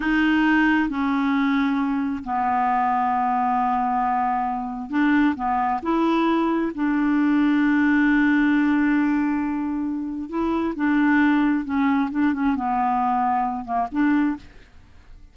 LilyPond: \new Staff \with { instrumentName = "clarinet" } { \time 4/4 \tempo 4 = 134 dis'2 cis'2~ | cis'4 b2.~ | b2. d'4 | b4 e'2 d'4~ |
d'1~ | d'2. e'4 | d'2 cis'4 d'8 cis'8 | b2~ b8 ais8 d'4 | }